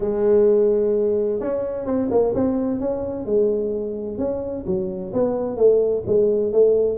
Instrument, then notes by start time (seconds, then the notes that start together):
tuba
0.00 G#3
1.40 C#4
1.86 C4
2.10 A#3
2.34 C4
2.79 C#4
3.25 G#3
4.18 C#4
4.66 F#3
5.13 B3
5.57 A3
6.06 G#3
6.52 A3